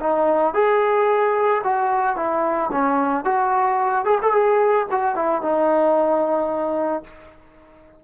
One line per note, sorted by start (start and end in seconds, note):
0.00 0.54 D#4
0.54 1.62 G#4
1.64 2.16 F#4
2.16 2.70 E4
2.72 3.25 C#4
3.25 4.05 F#4
4.05 4.19 G#4
4.22 4.32 A4
4.32 4.86 G#4
4.91 5.15 F#4
5.15 5.42 E4
5.42 7.04 D#4